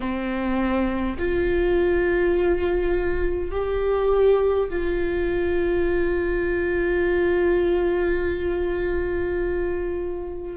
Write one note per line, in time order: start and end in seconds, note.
0.00 1.17 C4
1.18 3.51 F4
3.51 4.68 G4
4.69 10.57 F4